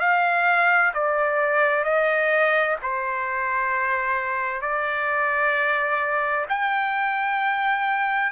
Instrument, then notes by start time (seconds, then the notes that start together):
trumpet
0.00 F5
0.94 D5
1.84 D#5
2.82 C5
4.61 D5
6.49 G5